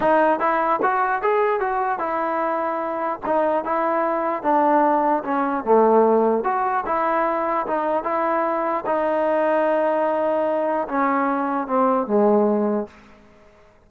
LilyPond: \new Staff \with { instrumentName = "trombone" } { \time 4/4 \tempo 4 = 149 dis'4 e'4 fis'4 gis'4 | fis'4 e'2. | dis'4 e'2 d'4~ | d'4 cis'4 a2 |
fis'4 e'2 dis'4 | e'2 dis'2~ | dis'2. cis'4~ | cis'4 c'4 gis2 | }